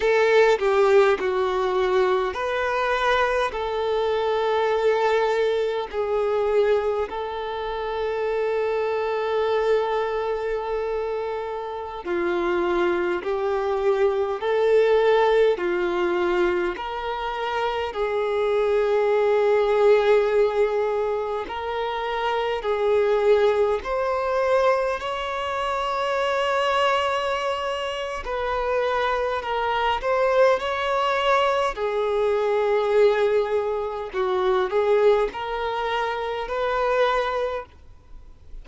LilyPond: \new Staff \with { instrumentName = "violin" } { \time 4/4 \tempo 4 = 51 a'8 g'8 fis'4 b'4 a'4~ | a'4 gis'4 a'2~ | a'2~ a'16 f'4 g'8.~ | g'16 a'4 f'4 ais'4 gis'8.~ |
gis'2~ gis'16 ais'4 gis'8.~ | gis'16 c''4 cis''2~ cis''8. | b'4 ais'8 c''8 cis''4 gis'4~ | gis'4 fis'8 gis'8 ais'4 b'4 | }